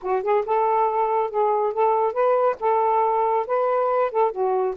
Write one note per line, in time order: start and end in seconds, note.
0.02 0.23 F#4
0.23 0.44 G#4
0.45 1.30 A4
1.30 1.73 G#4
1.73 2.13 A4
2.13 2.56 B4
2.60 3.46 A4
3.46 4.11 B4
4.11 4.31 A4
4.31 4.75 F#4